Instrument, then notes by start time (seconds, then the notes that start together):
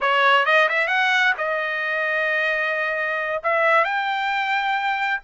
trumpet
0.01 C#5
0.45 D#5
0.69 E5
0.87 F#5
1.37 D#5
3.43 E5
3.84 G5